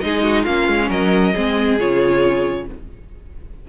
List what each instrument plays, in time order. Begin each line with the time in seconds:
0.00 cello G#3, viola D#4, violin G#4 D#5
0.23 violin F#4
0.42 cello A#3, viola C#4, violin F4 F5
0.68 cello G#3
0.89 cello F#3, violin A#4 D#5
1.33 cello G#3, viola C4, violin G#4
1.79 cello C#3, viola F4, violin C#5